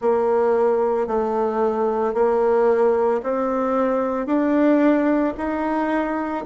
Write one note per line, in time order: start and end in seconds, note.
0.01 1.07 A#3
1.07 2.14 A3
2.14 3.21 A#3
3.23 4.26 C4
4.26 5.33 D4
5.37 6.44 D#4